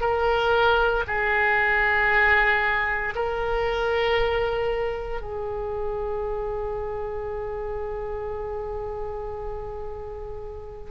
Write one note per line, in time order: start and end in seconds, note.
0.00 1.03 A#4
1.07 3.14 G#4
3.15 5.21 A#4
5.21 10.90 G#4